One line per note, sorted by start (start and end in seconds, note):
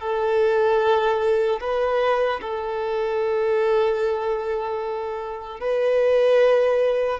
0.00 1.60 A4
1.60 2.40 B4
2.41 5.60 A4
5.60 7.20 B4